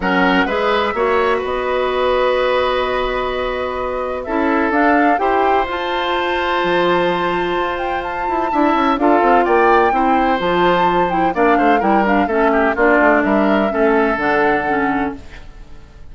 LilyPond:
<<
  \new Staff \with { instrumentName = "flute" } { \time 4/4 \tempo 4 = 127 fis''4 e''2 dis''4~ | dis''1~ | dis''4 e''4 f''4 g''4 | a''1~ |
a''8 g''8 a''2 f''4 | g''2 a''4. g''8 | f''4 g''8 f''8 e''4 d''4 | e''2 fis''2 | }
  \new Staff \with { instrumentName = "oboe" } { \time 4/4 ais'4 b'4 cis''4 b'4~ | b'1~ | b'4 a'2 c''4~ | c''1~ |
c''2 e''4 a'4 | d''4 c''2. | d''8 c''8 ais'4 a'8 g'8 f'4 | ais'4 a'2. | }
  \new Staff \with { instrumentName = "clarinet" } { \time 4/4 cis'4 gis'4 fis'2~ | fis'1~ | fis'4 e'4 d'4 g'4 | f'1~ |
f'2 e'4 f'4~ | f'4 e'4 f'4. e'8 | d'4 e'8 d'8 cis'4 d'4~ | d'4 cis'4 d'4 cis'4 | }
  \new Staff \with { instrumentName = "bassoon" } { \time 4/4 fis4 gis4 ais4 b4~ | b1~ | b4 cis'4 d'4 e'4 | f'2 f2 |
f'4. e'8 d'8 cis'8 d'8 c'8 | ais4 c'4 f2 | ais8 a8 g4 a4 ais8 a8 | g4 a4 d2 | }
>>